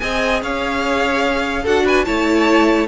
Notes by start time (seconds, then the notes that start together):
0.00 C4 G#4 D#5 G#5
0.43 C#4 C#5 F5
1.63 D4 F#4 A4 F#5
1.85 B4 G#5
2.05 A3 E4 C#5 A5